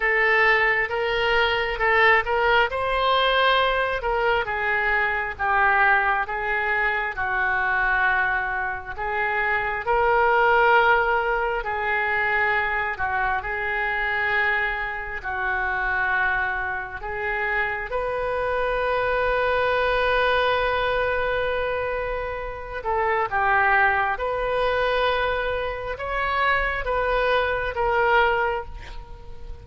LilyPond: \new Staff \with { instrumentName = "oboe" } { \time 4/4 \tempo 4 = 67 a'4 ais'4 a'8 ais'8 c''4~ | c''8 ais'8 gis'4 g'4 gis'4 | fis'2 gis'4 ais'4~ | ais'4 gis'4. fis'8 gis'4~ |
gis'4 fis'2 gis'4 | b'1~ | b'4. a'8 g'4 b'4~ | b'4 cis''4 b'4 ais'4 | }